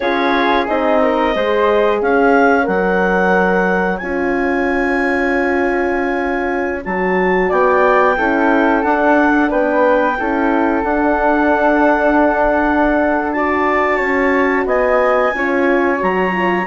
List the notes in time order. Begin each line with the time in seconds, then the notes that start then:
0.00 C#4 F4 G#4 C#5
0.67 C4 D#4 D#5
1.01 A#4
1.34 G#3 G#4 C5
1.99 C#4 C#5 F5
2.63 F#3 A#4 F#5
3.97 C#4 F4 G#5
6.84 F#3 F#4 A5
7.48 B3 D5 G5
8.17 C#4 E4 A4
8.83 D4 F#5
9.50 B3 B4 G5
10.18 C#4 E4 A4
10.83 D4 F#5
13.32 F#4 D5 A5
13.97 C#4 C#5
14.65 B3 D#5 G#5
15.33 C#4 F4 C#5
15.97 F#3 F#4 A#5
16.31 F4